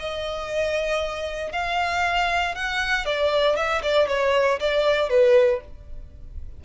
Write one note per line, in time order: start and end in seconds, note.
0.00 1.53 D#5
1.53 2.55 F5
2.55 3.06 F#5
3.06 3.57 D5
3.57 3.82 E5
3.83 4.08 D5
4.08 4.60 C#5
4.60 5.10 D5
5.10 5.61 B4